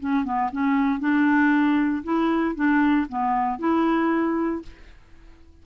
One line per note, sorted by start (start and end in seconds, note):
0.00 0.24 C#4
0.24 0.50 B3
0.52 1.00 C#4
1.00 2.03 D4
2.03 2.55 E4
2.55 3.07 D4
3.09 3.59 B3
3.59 4.62 E4